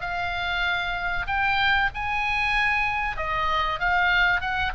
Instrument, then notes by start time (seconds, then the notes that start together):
oboe
0.00 F5
1.26 G5
1.94 G#5
3.16 D#5
3.79 F5
4.40 F#5